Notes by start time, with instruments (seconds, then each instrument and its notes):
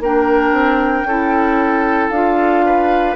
0.00 bassoon A#3, clarinet D4, oboe A#4, flute G5
0.52 bassoon C4
1.04 bassoon C#4, clarinet E4, oboe A4
2.11 bassoon D4, clarinet F4, flute F5
2.66 oboe B4